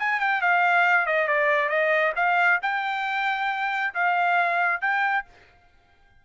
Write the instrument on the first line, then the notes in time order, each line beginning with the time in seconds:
trumpet
0.00 G#5
0.20 G5
0.42 F5
1.07 D#5
1.28 D5
1.69 D#5
2.16 F5
2.63 G5
3.95 F5
4.82 G5